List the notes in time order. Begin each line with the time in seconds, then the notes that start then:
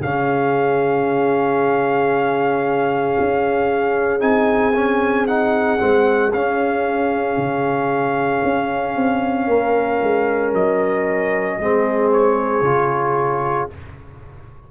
0.00 C#3 C#4 G#4 F5
3.20 C#4
4.20 C4 D#4 G#5
4.75 C#4
5.27 D#4 F#5
5.79 G#3 C4
6.33 C#4 F5
7.37 C#3
8.44 C#4
8.95 C4
9.47 A#3 A#4
10.02 G#3
10.53 F#3 D#5
11.59 G#3 C4 G#4
12.12 C#5
12.62 C#3 F4